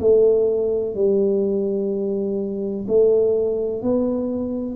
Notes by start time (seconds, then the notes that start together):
0.00 A3
0.95 G3
2.87 A3
3.82 B3